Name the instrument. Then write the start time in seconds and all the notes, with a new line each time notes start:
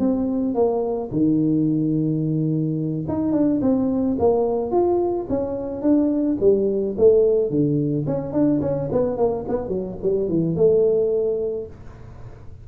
tuba
0.00 C4
0.55 A#3
1.12 D#3
3.09 D#4
3.33 D4
3.62 C4
4.19 A#3
4.72 F4
5.30 C#4
5.82 D4
6.41 G3
6.98 A3
7.51 D3
8.07 C#4
8.33 D4
8.62 C#4
8.92 B3
9.18 A#3
9.49 B3
9.69 F#3
10.03 G3
10.29 E3
10.56 A3